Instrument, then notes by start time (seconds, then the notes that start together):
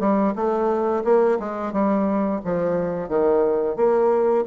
bassoon
0.00 G3
0.35 A3
1.04 A#3
1.40 G#3
1.73 G3
2.45 F3
3.09 D#3
3.77 A#3